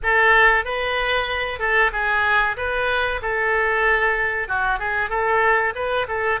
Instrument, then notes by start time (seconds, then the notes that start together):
oboe
0.02 A4
0.64 B4
1.59 A4
1.92 G#4
2.56 B4
3.21 A4
4.47 F#4
4.79 G#4
5.09 A4
5.74 B4
6.08 A4